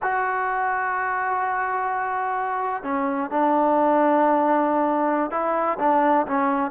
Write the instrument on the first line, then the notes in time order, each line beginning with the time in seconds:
trombone
0.02 F#4
2.83 C#4
3.30 D4
5.30 E4
5.79 D4
6.27 C#4